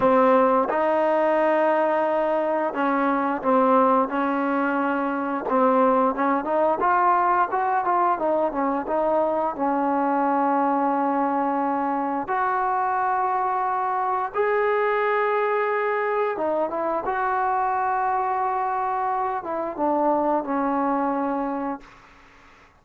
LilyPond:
\new Staff \with { instrumentName = "trombone" } { \time 4/4 \tempo 4 = 88 c'4 dis'2. | cis'4 c'4 cis'2 | c'4 cis'8 dis'8 f'4 fis'8 f'8 | dis'8 cis'8 dis'4 cis'2~ |
cis'2 fis'2~ | fis'4 gis'2. | dis'8 e'8 fis'2.~ | fis'8 e'8 d'4 cis'2 | }